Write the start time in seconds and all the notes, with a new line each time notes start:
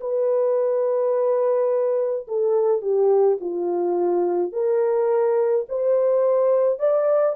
0.00 B4
2.27 A4
2.81 G4
3.40 F4
4.52 A#4
5.69 C5
6.79 D5